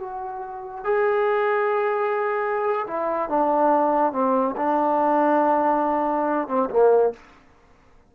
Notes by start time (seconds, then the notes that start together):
0.00 F#4
0.85 G#4
2.88 E4
3.30 D4
4.13 C4
4.57 D4
6.48 C4
6.71 A#3